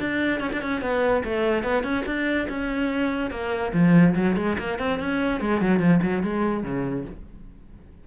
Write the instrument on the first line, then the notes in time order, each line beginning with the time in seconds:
cello
0.00 D4
0.41 C#4
0.53 D4
0.62 C#4
0.82 B3
1.25 A3
1.64 B3
1.84 C#4
2.06 D4
2.50 C#4
3.31 A#3
3.74 F3
4.16 F#3
4.37 G#3
4.59 A#3
4.79 C4
5.00 C#4
5.41 G#3
5.62 F#3
5.80 F3
6.03 F#3
6.23 G#3
6.64 C#3